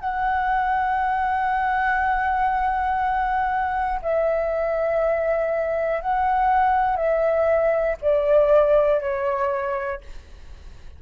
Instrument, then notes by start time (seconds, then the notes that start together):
flute
0.00 F#5
4.01 E5
6.01 F#5
6.96 E5
8.01 D5
9.00 C#5